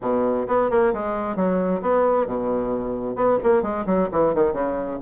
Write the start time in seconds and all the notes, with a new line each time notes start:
0.01 B2
0.47 B3
0.70 A#3
0.93 G#3
1.35 F#3
1.81 B3
2.26 B2
3.15 B3
3.43 A#3
3.62 G#3
3.86 F#3
4.11 E3
4.34 D#3
4.52 C#3